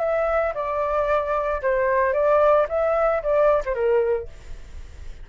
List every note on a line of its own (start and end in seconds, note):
0.00 0.54 E5
0.55 1.62 D5
1.62 2.14 C5
2.14 2.67 D5
2.69 3.23 E5
3.23 3.63 D5
3.66 3.75 C5
3.75 4.28 A#4